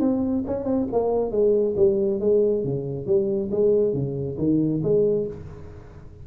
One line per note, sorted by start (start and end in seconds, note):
0.00 0.44 C4
0.47 0.65 C#4
0.65 0.87 C4
0.92 1.31 A#3
1.31 1.75 G#3
1.76 2.20 G3
2.20 2.64 G#3
2.64 3.06 C#3
3.06 3.50 G3
3.51 3.93 G#3
3.93 4.37 C#3
4.38 4.82 D#3
4.83 5.27 G#3